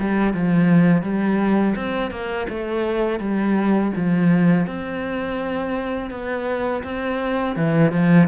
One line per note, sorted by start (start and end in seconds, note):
0.00 0.34 G3
0.34 1.03 F3
1.03 1.75 G3
1.76 2.11 C4
2.11 2.47 A#3
2.49 3.20 A3
3.20 3.92 G3
3.96 4.67 F3
4.67 6.11 C4
6.11 6.83 B3
6.84 7.56 C4
7.56 7.92 E3
7.92 8.28 F3